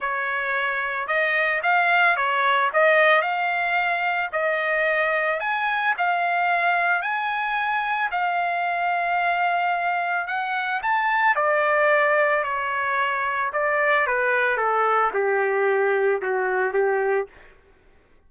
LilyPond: \new Staff \with { instrumentName = "trumpet" } { \time 4/4 \tempo 4 = 111 cis''2 dis''4 f''4 | cis''4 dis''4 f''2 | dis''2 gis''4 f''4~ | f''4 gis''2 f''4~ |
f''2. fis''4 | a''4 d''2 cis''4~ | cis''4 d''4 b'4 a'4 | g'2 fis'4 g'4 | }